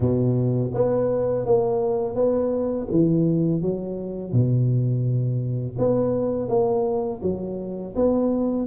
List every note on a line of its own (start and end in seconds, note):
0.00 0.71 B2
0.74 1.45 B3
1.45 2.15 A#3
2.15 2.87 B3
2.90 3.61 E3
3.61 4.32 F#3
4.32 5.76 B2
5.78 6.48 B3
6.48 7.21 A#3
7.22 7.94 F#3
7.95 8.67 B3